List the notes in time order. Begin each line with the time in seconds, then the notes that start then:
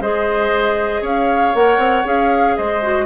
0.00 G#3 G#4 C5 D#5
1.01 C#4 C#5 F5
1.54 A#3 A#4 F#5
1.78 C4
2.04 C#4 G#4 F5
2.57 G#3 C5 D#5
2.82 F#4